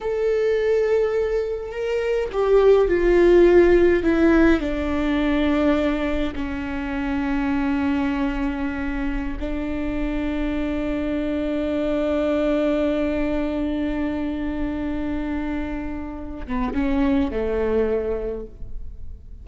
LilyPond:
\new Staff \with { instrumentName = "viola" } { \time 4/4 \tempo 4 = 104 a'2. ais'4 | g'4 f'2 e'4 | d'2. cis'4~ | cis'1~ |
cis'16 d'2.~ d'8.~ | d'1~ | d'1~ | d'8 b8 cis'4 a2 | }